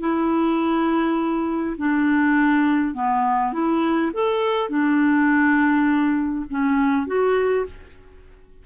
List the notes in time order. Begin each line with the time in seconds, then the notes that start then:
0.00 E4
1.78 D4
2.94 B3
3.53 E4
4.13 A4
4.69 D4
6.50 C#4
7.07 F#4